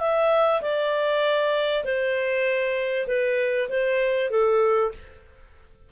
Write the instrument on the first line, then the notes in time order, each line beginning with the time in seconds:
clarinet
0.00 E5
0.62 D5
1.84 C5
3.07 B4
3.69 C5
4.30 A4